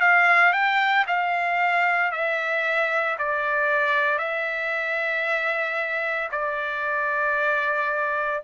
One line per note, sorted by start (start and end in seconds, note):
0.00 0.53 F5
0.53 1.05 G5
1.07 2.11 F5
2.11 3.17 E5
3.18 4.18 D5
4.18 6.29 E5
6.32 8.42 D5